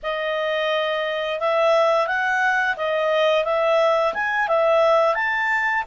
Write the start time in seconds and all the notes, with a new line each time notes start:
0.03 D#5
1.39 E5
2.07 F#5
2.76 D#5
3.44 E5
4.14 G#5
4.47 E5
5.14 A5